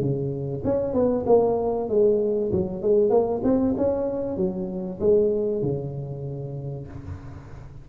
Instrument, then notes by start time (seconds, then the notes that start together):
tuba
0.00 C#3
0.64 C#4
0.93 B3
1.26 A#3
1.89 G#3
2.52 F#3
2.82 G#3
3.10 A#3
3.43 C4
3.77 C#4
4.36 F#3
5.00 G#3
5.62 C#3